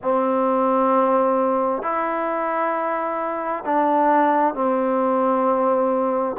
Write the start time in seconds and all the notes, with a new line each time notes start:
0.02 C4
1.82 E4
3.65 D4
4.54 C4